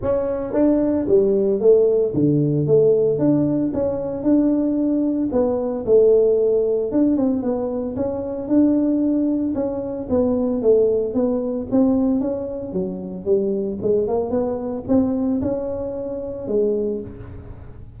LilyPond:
\new Staff \with { instrumentName = "tuba" } { \time 4/4 \tempo 4 = 113 cis'4 d'4 g4 a4 | d4 a4 d'4 cis'4 | d'2 b4 a4~ | a4 d'8 c'8 b4 cis'4 |
d'2 cis'4 b4 | a4 b4 c'4 cis'4 | fis4 g4 gis8 ais8 b4 | c'4 cis'2 gis4 | }